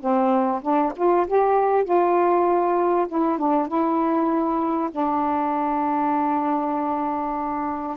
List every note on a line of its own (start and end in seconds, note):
0.00 0.61 C4
0.62 0.92 D4
0.96 1.27 F4
1.27 1.84 G4
1.84 3.06 F4
3.08 3.38 E4
3.38 3.67 D4
3.67 4.90 E4
4.91 7.97 D4